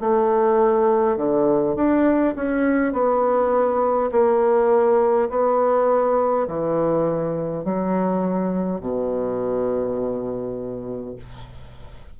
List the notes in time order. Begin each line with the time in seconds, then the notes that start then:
0.00 A3
1.17 D3
1.75 D4
2.36 C#4
2.93 B3
4.11 A#3
5.29 B3
6.48 E3
7.64 F#3
8.81 B2